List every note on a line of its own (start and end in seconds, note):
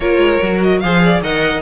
0.00 0.18 A#3
0.00 0.42 F4
0.00 0.82 A#4
0.00 0.61 C#5
0.18 0.38 G#3
0.42 0.83 F#3
0.42 0.83 F#4
0.62 0.80 D#5
0.80 1.20 F3
0.80 1.23 G#4
0.80 1.03 C5
0.80 1.20 F5
1.04 1.23 D5
1.20 1.61 D#3
1.20 1.61 A#4
1.20 1.61 D#5
1.20 1.61 F#5